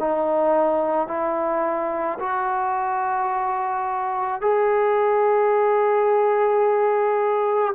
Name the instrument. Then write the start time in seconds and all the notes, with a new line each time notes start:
trombone
0.00 D#4
1.08 E4
2.20 F#4
4.41 G#4